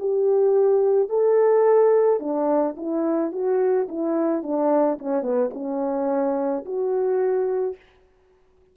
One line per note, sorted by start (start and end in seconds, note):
0.00 1.10 G4
1.10 2.20 A4
2.20 2.75 D4
2.77 3.32 E4
3.32 3.88 F#4
3.88 4.43 E4
4.43 4.98 D4
4.99 5.23 C#4
5.23 5.51 B3
5.54 6.65 C#4
6.65 7.76 F#4